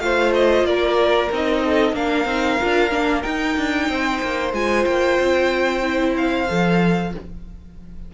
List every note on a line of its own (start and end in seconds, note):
0.00 0.63 A3
0.00 1.31 F4
0.00 0.68 C5
0.00 0.32 F5
0.35 0.66 D#5
0.63 1.28 A#3
0.63 1.64 A#4
0.63 1.30 D5
1.32 1.93 C4
1.32 1.94 D#4
1.32 1.96 D#5
1.64 1.96 A4
1.93 2.25 A#3
1.93 2.27 D4
1.93 3.89 A#4
1.93 3.23 F5
2.25 2.57 C4
2.25 2.60 D#4
2.61 2.92 D4
2.61 2.91 F4
2.91 3.24 A#3
2.91 3.23 D4
3.23 4.52 D#4
3.23 3.57 D#4
3.23 4.52 G5
3.57 3.89 D4
3.89 4.21 C4
3.89 7.12 C5
4.22 4.53 A#3
4.53 4.86 G#3
4.53 5.83 F4
4.53 4.85 G#5
4.85 5.19 A#3
4.85 6.14 G5
5.20 6.49 C4
5.83 6.47 E4
6.17 7.14 F5
6.48 7.15 F3
6.48 7.12 A4